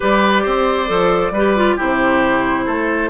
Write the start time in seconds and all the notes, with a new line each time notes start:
0.00 G3 G4 B4 D5
0.43 C4 C5
0.87 F3 A4
1.30 G3 B4
1.36 G4
1.56 F4
1.76 C3 E4 G4 C5
2.66 A3 A4